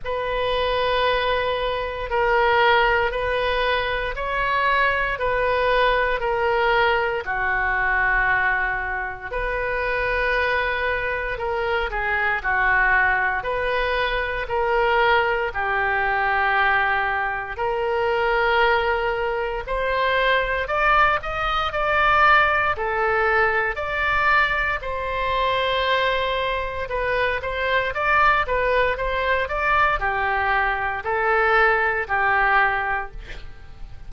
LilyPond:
\new Staff \with { instrumentName = "oboe" } { \time 4/4 \tempo 4 = 58 b'2 ais'4 b'4 | cis''4 b'4 ais'4 fis'4~ | fis'4 b'2 ais'8 gis'8 | fis'4 b'4 ais'4 g'4~ |
g'4 ais'2 c''4 | d''8 dis''8 d''4 a'4 d''4 | c''2 b'8 c''8 d''8 b'8 | c''8 d''8 g'4 a'4 g'4 | }